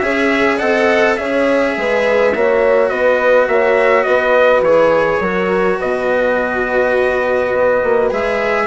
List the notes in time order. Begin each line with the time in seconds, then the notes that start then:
0.00 C#4 G#4 C#5 E5
0.58 C4 A4 D#5 F#5
1.17 C#4 G#4 C#5 E5
1.77 G#3 B4
2.35 A#3 F#4 C#5
2.89 B3 B4 D#5
3.48 A#3 C#5 E5
4.04 B3 B4 D#5
4.62 E3 G#4 C#5
5.21 F#3 F#4 A#4
5.80 B2 B4 D#5
7.53 B3
7.84 A#3
8.11 G#3 G#4 E5